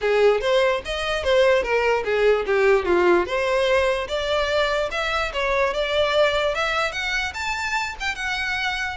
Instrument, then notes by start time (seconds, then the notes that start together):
violin
0.01 G#4
0.40 C5
0.85 D#5
1.23 C5
1.63 A#4
2.04 G#4
2.46 G4
2.85 F4
3.26 C5
4.08 D5
4.91 E5
5.33 C#5
5.73 D5
6.55 E5
6.92 F#5
7.34 A5
7.99 G5
8.15 F#5